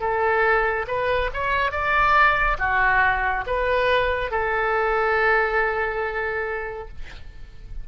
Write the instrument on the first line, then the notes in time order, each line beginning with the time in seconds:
oboe
0.00 A4
0.87 B4
1.33 C#5
1.71 D5
2.59 F#4
3.46 B4
4.31 A4